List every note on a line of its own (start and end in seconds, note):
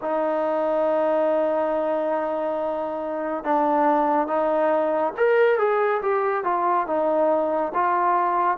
0.01 3.44 D#4
3.44 4.27 D4
4.27 5.13 D#4
5.17 5.58 A#4
5.58 6.01 G#4
6.02 6.44 G4
6.44 6.86 F4
6.86 7.72 D#4
7.74 8.57 F4